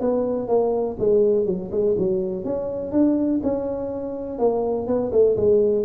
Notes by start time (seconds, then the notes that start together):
0.00 B3
0.48 A#3
0.99 G#3
1.46 F#3
1.71 G#3
1.98 F#3
2.45 C#4
2.92 D4
3.43 C#4
4.38 A#3
4.87 B3
5.12 A3
5.36 G#3